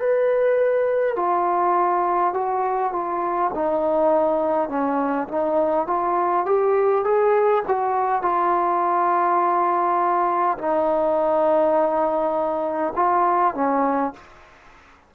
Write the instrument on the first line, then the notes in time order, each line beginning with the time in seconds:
trombone
0.00 B4
1.16 F4
2.34 F#4
2.93 F4
3.55 D#4
4.69 C#4
5.28 D#4
5.87 F4
6.46 G4
7.04 G#4
7.68 F#4
8.22 F4
10.58 D#4
12.96 F4
13.55 C#4